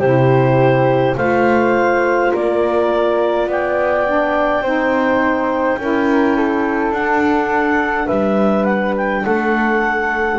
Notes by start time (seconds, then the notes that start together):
0.00 C3 E4 G4 C5
1.16 A3 F4 C5 F5
2.32 A#3 A#4 D5
3.47 B3 D5 G5
4.05 D4
4.62 C4 D#4 C5
5.77 C#4 E4 A#4
6.37 A4
6.91 D4 F#5
8.06 G3 B4 E5
8.64 F#5
8.97 G5
9.25 A3 A4 F#5